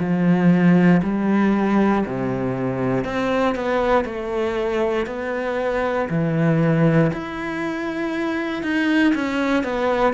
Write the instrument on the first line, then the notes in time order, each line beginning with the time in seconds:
cello
0.00 F3
1.04 G3
2.06 C3
3.05 C4
3.55 B3
4.05 A3
5.07 B3
6.10 E3
7.13 E4
8.63 D#4
9.15 C#4
9.64 B3